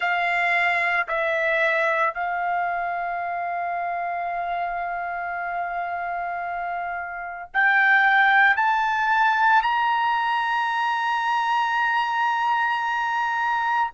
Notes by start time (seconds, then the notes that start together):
0.00 F5
1.08 E5
2.14 F5
7.53 G5
8.56 A5
9.62 A#5